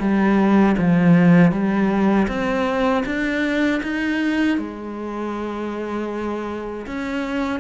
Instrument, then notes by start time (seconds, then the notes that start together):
cello
0.00 G3
0.78 F3
1.52 G3
2.28 C4
3.06 D4
3.83 D#4
4.58 G#3
6.86 C#4